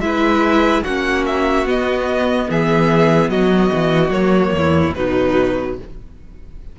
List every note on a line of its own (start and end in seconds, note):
0.00 0.82 G#3
0.00 0.84 E4
0.00 0.83 B4
0.00 0.83 E5
0.83 1.66 A#3
0.83 1.66 C#4
0.83 2.48 F#4
0.83 1.25 F#5
1.26 1.67 E5
1.66 2.48 B3
1.66 4.11 B3
1.66 2.50 D#5
2.50 3.29 E3
2.50 3.32 G#4
2.50 3.30 E5
3.29 3.70 F#3
3.29 4.55 F#4
3.29 4.11 D#5
3.74 4.10 E3
4.10 4.51 F#3
4.10 4.94 A#3
4.10 4.94 C#5
4.52 4.93 E2
4.52 4.97 E4
4.94 5.79 B2
4.94 5.78 F#3
4.94 5.79 D#4
4.94 5.76 B4